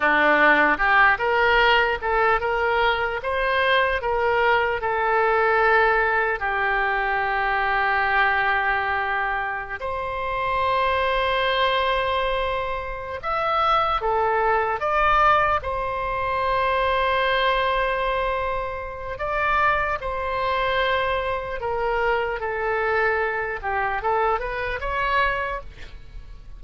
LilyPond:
\new Staff \with { instrumentName = "oboe" } { \time 4/4 \tempo 4 = 75 d'4 g'8 ais'4 a'8 ais'4 | c''4 ais'4 a'2 | g'1~ | g'16 c''2.~ c''8.~ |
c''8 e''4 a'4 d''4 c''8~ | c''1 | d''4 c''2 ais'4 | a'4. g'8 a'8 b'8 cis''4 | }